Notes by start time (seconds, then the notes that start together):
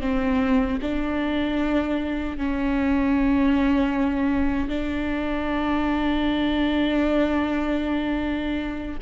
0.00 C4
0.81 D4
2.37 C#4
4.68 D4